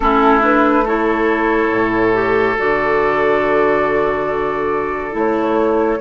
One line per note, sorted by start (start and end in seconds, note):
0.00 1.69 A3
0.00 0.41 C#4
0.00 0.84 E4
0.00 0.41 A4
0.41 0.83 D4
0.41 0.86 B4
0.84 2.13 E4
0.84 5.99 A4
0.84 2.58 C#5
1.70 2.56 A2
2.13 2.56 G4
2.57 5.14 D3
2.57 5.11 F#4
2.57 5.16 D5
5.11 5.99 A3
5.11 5.97 E4
5.11 6.00 C#5